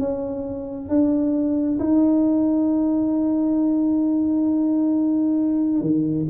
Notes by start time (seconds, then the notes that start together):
0.00 C#4
0.90 D4
1.80 D#4
5.82 D#3